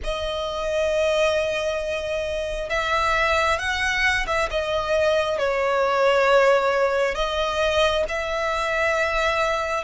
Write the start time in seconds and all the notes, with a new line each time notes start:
0.03 D#5
2.69 E5
3.59 F#5
4.27 E5
4.50 D#5
5.38 C#5
7.14 D#5
8.08 E5